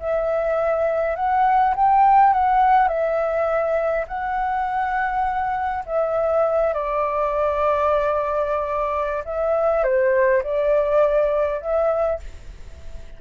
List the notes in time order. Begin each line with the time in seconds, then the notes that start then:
0.00 E5
1.16 F#5
1.76 G5
2.34 F#5
2.89 E5
4.08 F#5
5.87 E5
6.74 D5
9.25 E5
9.84 C5
10.44 D5
11.61 E5